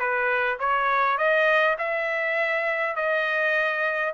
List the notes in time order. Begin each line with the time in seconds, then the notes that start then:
0.00 B4
0.60 C#5
1.18 D#5
1.79 E5
2.96 D#5